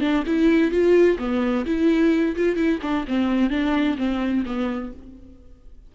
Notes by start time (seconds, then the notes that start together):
0.00 D4
0.26 E4
0.71 F4
1.18 B3
1.66 E4
2.36 F4
2.56 E4
2.82 D4
3.07 C4
3.50 D4
3.97 C4
4.45 B3